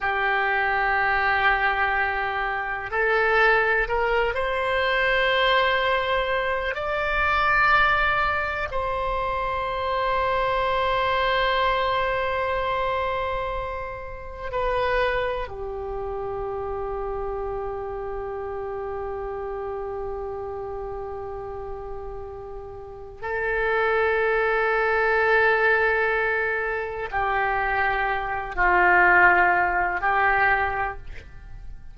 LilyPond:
\new Staff \with { instrumentName = "oboe" } { \time 4/4 \tempo 4 = 62 g'2. a'4 | ais'8 c''2~ c''8 d''4~ | d''4 c''2.~ | c''2. b'4 |
g'1~ | g'1 | a'1 | g'4. f'4. g'4 | }